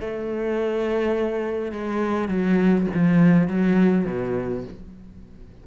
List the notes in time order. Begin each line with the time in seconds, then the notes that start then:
0.00 A3
1.72 G#3
2.28 F#3
2.94 F3
3.47 F#3
4.05 B2